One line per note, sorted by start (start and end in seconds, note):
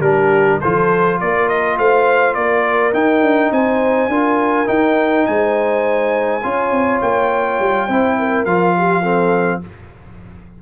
0.00 0.58 G3
0.00 0.62 D4
0.00 0.62 G4
0.00 0.60 A#4
0.61 1.22 F3
0.61 2.94 F4
0.61 1.20 A4
0.61 1.20 C5
1.21 1.79 A#3
1.21 1.79 A#4
1.21 1.49 D5
1.49 1.78 D#5
1.79 2.36 A3
1.79 2.37 C5
1.79 2.35 F5
2.35 2.94 A#3
2.35 3.54 A#4
2.35 2.93 D5
2.94 3.22 D#4
2.94 4.10 D#4
2.94 3.53 G5
3.22 3.51 D4
3.52 4.09 C4
3.52 4.12 C5
3.52 4.69 G#5
4.09 4.67 D4
4.09 4.66 F4
4.09 5.28 A#4
4.66 6.41 D#4
4.66 5.28 D#4
4.66 5.26 G5
5.26 6.45 G#3
5.26 6.44 C5
5.26 7.01 G#5
6.43 6.71 C#4
6.43 7.89 F4
6.43 7.87 C#5
6.71 7.00 C4
7.02 7.60 A#3
7.02 8.45 G5
7.60 7.89 G3
7.87 8.46 C4
7.87 8.47 E4
7.87 8.16 C5
8.19 8.77 A#4
8.45 9.62 F3
8.45 9.04 F4
8.45 9.62 F5
8.78 9.02 G4
9.02 9.62 C4
9.02 9.61 A4